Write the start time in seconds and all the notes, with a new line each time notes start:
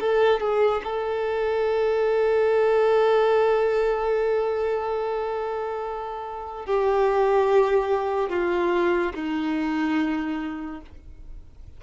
0.00 A4
0.40 G#4
0.83 A4
6.66 G4
8.29 F4
9.14 D#4